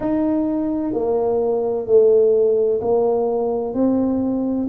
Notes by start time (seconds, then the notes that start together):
0.00 D#4
0.93 A#3
1.86 A3
2.80 A#3
3.74 C4